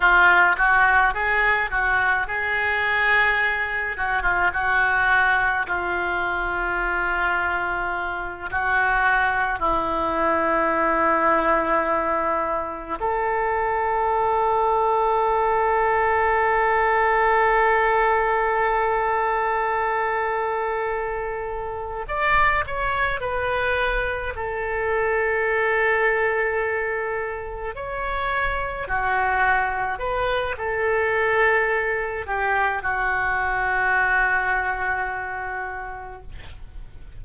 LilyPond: \new Staff \with { instrumentName = "oboe" } { \time 4/4 \tempo 4 = 53 f'8 fis'8 gis'8 fis'8 gis'4. fis'16 f'16 | fis'4 f'2~ f'8 fis'8~ | fis'8 e'2. a'8~ | a'1~ |
a'2.~ a'8 d''8 | cis''8 b'4 a'2~ a'8~ | a'8 cis''4 fis'4 b'8 a'4~ | a'8 g'8 fis'2. | }